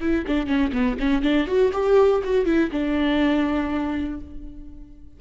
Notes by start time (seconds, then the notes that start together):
0.00 E4
0.27 D4
0.46 C#4
0.72 B3
0.99 C#4
1.22 D4
1.47 F#4
1.73 G4
2.24 F#4
2.45 E4
2.71 D4